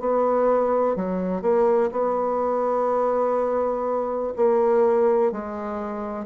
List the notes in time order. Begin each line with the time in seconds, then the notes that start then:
0.00 B3
0.95 F#3
1.42 A#3
1.92 B3
4.36 A#3
5.32 G#3